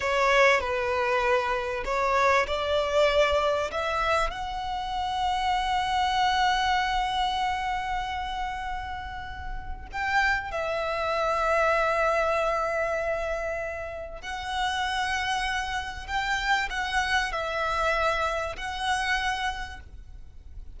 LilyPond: \new Staff \with { instrumentName = "violin" } { \time 4/4 \tempo 4 = 97 cis''4 b'2 cis''4 | d''2 e''4 fis''4~ | fis''1~ | fis''1 |
g''4 e''2.~ | e''2. fis''4~ | fis''2 g''4 fis''4 | e''2 fis''2 | }